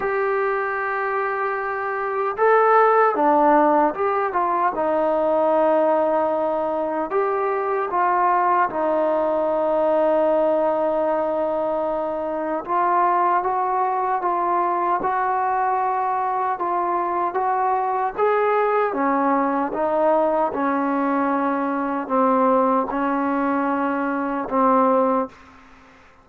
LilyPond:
\new Staff \with { instrumentName = "trombone" } { \time 4/4 \tempo 4 = 76 g'2. a'4 | d'4 g'8 f'8 dis'2~ | dis'4 g'4 f'4 dis'4~ | dis'1 |
f'4 fis'4 f'4 fis'4~ | fis'4 f'4 fis'4 gis'4 | cis'4 dis'4 cis'2 | c'4 cis'2 c'4 | }